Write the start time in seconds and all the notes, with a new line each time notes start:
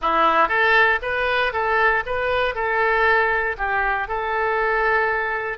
0.01 E4
0.48 A4
1.02 B4
1.53 A4
2.06 B4
2.54 A4
3.57 G4
4.08 A4